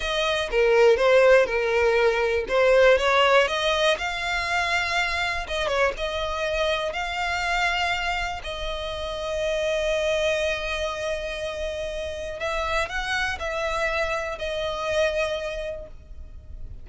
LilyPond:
\new Staff \with { instrumentName = "violin" } { \time 4/4 \tempo 4 = 121 dis''4 ais'4 c''4 ais'4~ | ais'4 c''4 cis''4 dis''4 | f''2. dis''8 cis''8 | dis''2 f''2~ |
f''4 dis''2.~ | dis''1~ | dis''4 e''4 fis''4 e''4~ | e''4 dis''2. | }